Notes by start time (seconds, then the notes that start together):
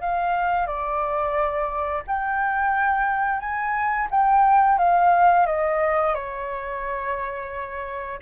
0.00 F5
0.66 D5
2.07 G5
3.39 G#5
4.10 G5
4.78 F5
5.46 D#5
6.15 C#5